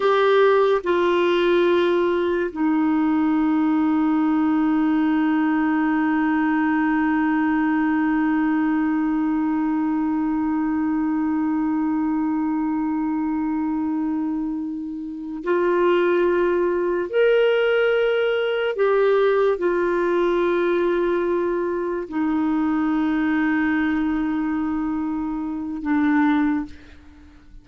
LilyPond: \new Staff \with { instrumentName = "clarinet" } { \time 4/4 \tempo 4 = 72 g'4 f'2 dis'4~ | dis'1~ | dis'1~ | dis'1~ |
dis'2~ dis'8 f'4.~ | f'8 ais'2 g'4 f'8~ | f'2~ f'8 dis'4.~ | dis'2. d'4 | }